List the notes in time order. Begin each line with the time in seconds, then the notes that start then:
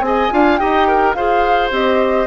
0.00 C4 G#4 G#5
0.07 D#5
0.31 D4 F4 F5
0.57 D#4 G4 D#5 G5
0.88 A#4
1.14 F4 G#4 C5 F5
1.71 C4 G4 D#5